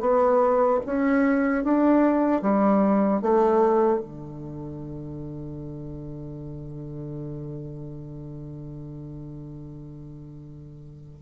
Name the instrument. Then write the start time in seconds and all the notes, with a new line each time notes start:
bassoon
0.00 B3
0.85 C#4
1.63 D4
2.41 G3
3.21 A3
4.00 D3